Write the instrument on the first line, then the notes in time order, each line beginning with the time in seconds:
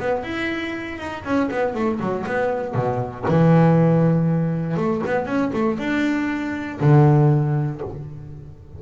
double bass
0.00 B3
0.24 E4
0.99 D#4
1.25 C#4
1.51 B3
1.75 A3
2.01 F#3
2.27 B3
2.75 B2
3.29 E3
4.77 A3
5.07 B3
5.27 C#4
5.54 A3
5.79 D4
6.81 D3